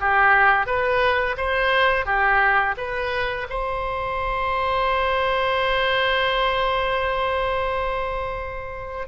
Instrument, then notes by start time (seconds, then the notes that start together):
oboe
0.00 G4
0.67 B4
1.37 C5
2.06 G4
2.77 B4
3.50 C5